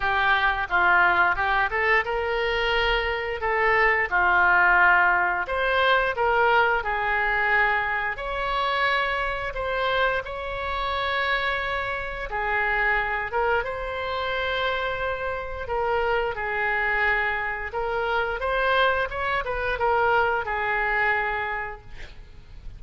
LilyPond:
\new Staff \with { instrumentName = "oboe" } { \time 4/4 \tempo 4 = 88 g'4 f'4 g'8 a'8 ais'4~ | ais'4 a'4 f'2 | c''4 ais'4 gis'2 | cis''2 c''4 cis''4~ |
cis''2 gis'4. ais'8 | c''2. ais'4 | gis'2 ais'4 c''4 | cis''8 b'8 ais'4 gis'2 | }